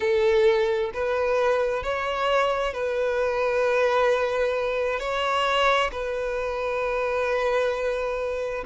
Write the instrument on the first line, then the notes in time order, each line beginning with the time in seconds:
violin
0.00 A4
0.93 B4
1.83 C#5
2.73 B4
4.99 C#5
5.91 B4